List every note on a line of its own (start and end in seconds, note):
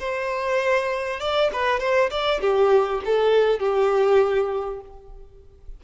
0.00 1.21 C5
1.21 1.51 D5
1.53 1.80 B4
1.80 2.10 C5
2.11 2.41 D5
2.42 3.02 G4
3.06 3.60 A4
3.60 4.81 G4